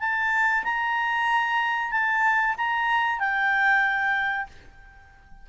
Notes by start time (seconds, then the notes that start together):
0.00 A5
0.64 A#5
1.91 A5
2.58 A#5
3.19 G5